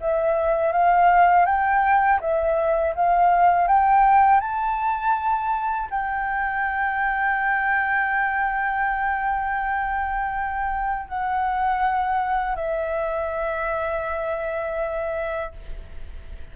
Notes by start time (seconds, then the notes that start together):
0.00 E5
0.72 F5
1.45 G5
2.20 E5
2.95 F5
3.67 G5
4.40 A5
5.90 G5
11.08 F#5
12.56 E5